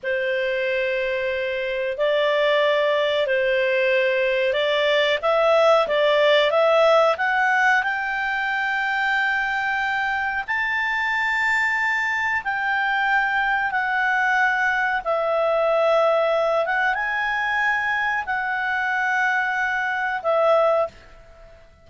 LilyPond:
\new Staff \with { instrumentName = "clarinet" } { \time 4/4 \tempo 4 = 92 c''2. d''4~ | d''4 c''2 d''4 | e''4 d''4 e''4 fis''4 | g''1 |
a''2. g''4~ | g''4 fis''2 e''4~ | e''4. fis''8 gis''2 | fis''2. e''4 | }